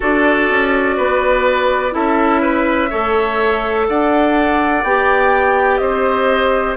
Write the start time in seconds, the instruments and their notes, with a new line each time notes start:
0.00 bassoon D4, clarinet F#4, oboe A4, flute D5
0.50 bassoon C#4
0.96 bassoon B3, oboe B4
1.91 bassoon C#4, clarinet E4, oboe A4, flute E5
2.41 oboe B4
2.90 bassoon A3, clarinet A4, oboe C#5
3.88 bassoon D4, oboe D5, flute F#5
4.83 bassoon B3, clarinet G4, flute G5
5.77 bassoon C4, oboe C5, flute D#5